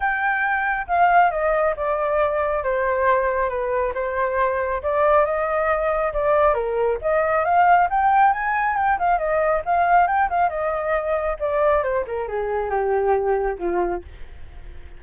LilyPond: \new Staff \with { instrumentName = "flute" } { \time 4/4 \tempo 4 = 137 g''2 f''4 dis''4 | d''2 c''2 | b'4 c''2 d''4 | dis''2 d''4 ais'4 |
dis''4 f''4 g''4 gis''4 | g''8 f''8 dis''4 f''4 g''8 f''8 | dis''2 d''4 c''8 ais'8 | gis'4 g'2 f'4 | }